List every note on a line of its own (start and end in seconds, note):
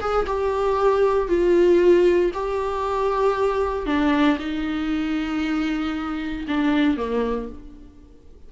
0.00 0.26 G#4
0.26 1.28 G4
1.28 2.31 F4
2.34 3.86 G4
3.86 4.38 D4
4.39 6.46 D#4
6.47 6.97 D4
6.97 7.49 A#3